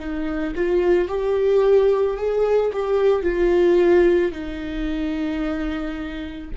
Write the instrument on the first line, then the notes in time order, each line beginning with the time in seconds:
viola
0.00 D#4
0.56 F4
1.09 G4
2.17 G#4
2.73 G4
3.23 F4
4.32 D#4